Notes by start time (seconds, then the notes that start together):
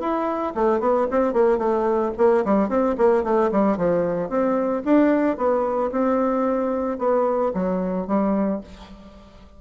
0.00 E4
0.55 A3
0.80 B3
1.11 C4
1.33 A#3
1.58 A3
2.17 A#3
2.45 G3
2.69 C4
2.97 A#3
3.23 A3
3.52 G3
3.77 F3
4.29 C4
4.85 D4
5.37 B3
5.91 C4
6.98 B3
7.54 F#3
8.07 G3